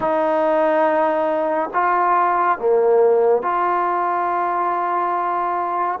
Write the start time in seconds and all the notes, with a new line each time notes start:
0.00 D#4
1.73 F4
2.58 A#3
3.42 F4